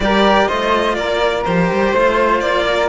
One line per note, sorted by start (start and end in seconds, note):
0.00 0.47 G3
0.00 0.48 G4
0.00 0.47 A#4
0.00 0.48 D5
0.47 0.97 A3
0.47 1.45 F4
0.47 0.96 C5
0.47 0.95 D#5
0.95 1.46 A#3
0.95 1.91 A#4
0.95 1.43 D5
1.44 1.70 F3
1.44 1.96 G4
1.44 2.40 C5
1.72 1.92 G3
1.91 2.40 A3
1.91 2.89 F4
1.91 2.64 C5
2.40 2.89 A#3
2.40 2.88 D5
2.67 2.89 A#4